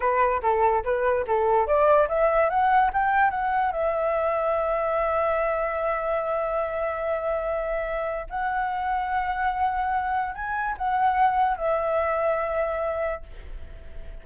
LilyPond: \new Staff \with { instrumentName = "flute" } { \time 4/4 \tempo 4 = 145 b'4 a'4 b'4 a'4 | d''4 e''4 fis''4 g''4 | fis''4 e''2.~ | e''1~ |
e''1 | fis''1~ | fis''4 gis''4 fis''2 | e''1 | }